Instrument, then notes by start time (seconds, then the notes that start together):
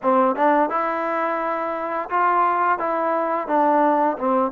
trombone
0.02 C4
0.35 D4
0.69 E4
2.09 F4
2.78 E4
3.47 D4
4.18 C4